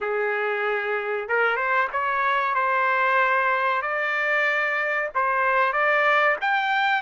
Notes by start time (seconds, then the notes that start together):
0.00 G#4
1.28 A#4
1.56 C5
1.92 C#5
2.54 C5
3.82 D5
5.14 C5
5.72 D5
6.41 G5